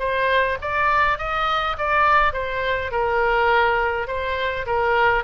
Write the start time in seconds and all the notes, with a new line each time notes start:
0.00 C5
0.62 D5
1.19 D#5
1.78 D5
2.34 C5
2.92 A#4
4.08 C5
4.67 A#4